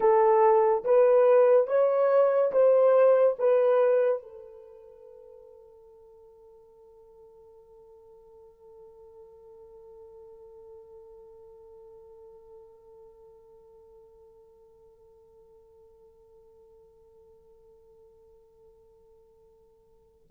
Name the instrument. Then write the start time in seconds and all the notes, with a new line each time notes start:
horn
0.00 A4
0.84 B4
1.67 C#5
2.51 C5
3.38 B4
4.22 A4